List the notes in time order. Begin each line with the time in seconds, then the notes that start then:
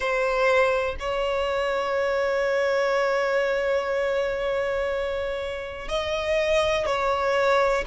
0.00 C5
0.99 C#5
5.88 D#5
6.86 C#5